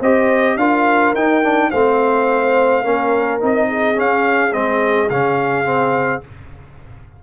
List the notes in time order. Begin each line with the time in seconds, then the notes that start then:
0.00 C4 G4 C5 D#5
0.57 D4 F4 A#4 F5
1.15 D#4 G5
1.44 D4
1.71 A3 C4 C5 F5
2.83 A#3 C#4 A#4
3.41 C4 D#4 D#5
3.68 G#4
3.95 C#4 F5
4.53 G#3 C4 D#5
5.10 C#3 C#4 F5
5.65 C4